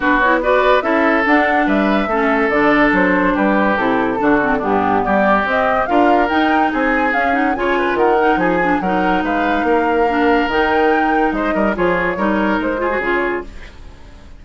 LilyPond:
<<
  \new Staff \with { instrumentName = "flute" } { \time 4/4 \tempo 4 = 143 b'8 cis''8 d''4 e''4 fis''4 | e''2 d''4 c''4 | b'4 a'2 g'4 | d''4 dis''4 f''4 g''4 |
gis''4 f''8 fis''8 gis''4 fis''4 | gis''4 fis''4 f''2~ | f''4 g''2 dis''4 | cis''2 c''4 cis''4 | }
  \new Staff \with { instrumentName = "oboe" } { \time 4/4 fis'4 b'4 a'2 | b'4 a'2. | g'2 fis'4 d'4 | g'2 ais'2 |
gis'2 cis''8 b'8 ais'4 | gis'4 ais'4 b'4 ais'4~ | ais'2. c''8 ais'8 | gis'4 ais'4. gis'4. | }
  \new Staff \with { instrumentName = "clarinet" } { \time 4/4 d'8 e'8 fis'4 e'4 d'4~ | d'4 cis'4 d'2~ | d'4 e'4 d'8 c'8 b4~ | b4 c'4 f'4 dis'4~ |
dis'4 cis'8 dis'8 f'4. dis'8~ | dis'8 d'8 dis'2. | d'4 dis'2. | f'4 dis'4. f'16 fis'16 f'4 | }
  \new Staff \with { instrumentName = "bassoon" } { \time 4/4 b2 cis'4 d'4 | g4 a4 d4 fis4 | g4 c4 d4 g,4 | g4 c'4 d'4 dis'4 |
c'4 cis'4 cis4 dis4 | f4 fis4 gis4 ais4~ | ais4 dis2 gis8 g8 | f4 g4 gis4 cis4 | }
>>